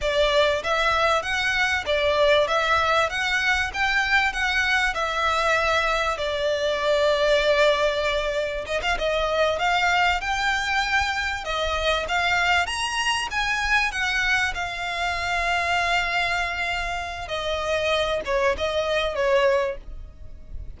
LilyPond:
\new Staff \with { instrumentName = "violin" } { \time 4/4 \tempo 4 = 97 d''4 e''4 fis''4 d''4 | e''4 fis''4 g''4 fis''4 | e''2 d''2~ | d''2 dis''16 f''16 dis''4 f''8~ |
f''8 g''2 dis''4 f''8~ | f''8 ais''4 gis''4 fis''4 f''8~ | f''1 | dis''4. cis''8 dis''4 cis''4 | }